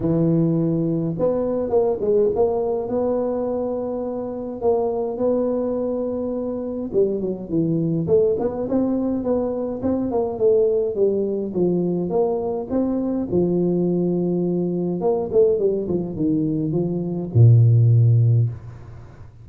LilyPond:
\new Staff \with { instrumentName = "tuba" } { \time 4/4 \tempo 4 = 104 e2 b4 ais8 gis8 | ais4 b2. | ais4 b2. | g8 fis8 e4 a8 b8 c'4 |
b4 c'8 ais8 a4 g4 | f4 ais4 c'4 f4~ | f2 ais8 a8 g8 f8 | dis4 f4 ais,2 | }